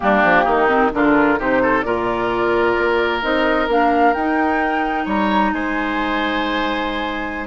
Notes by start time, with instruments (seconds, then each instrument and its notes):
0.00 bassoon G3, clarinet A#3, oboe D4, flute G4
0.23 bassoon F3
0.44 bassoon D#3, oboe D#4
0.68 clarinet C4
0.92 bassoon D3, clarinet D4, oboe F4, flute A#4
1.38 bassoon C3, clarinet D#4, oboe G4, flute C5
1.62 oboe A4
1.82 bassoon A#2, clarinet F4, oboe A#4, flute D5
2.77 bassoon A#3
3.21 bassoon C4, clarinet D#4, flute D#5
3.67 bassoon A#3, clarinet D4, flute F5
4.13 bassoon D#4, clarinet D#4, flute G5
5.05 bassoon G3, oboe C#5, flute A#5
5.52 bassoon G#3, oboe C5, flute G#5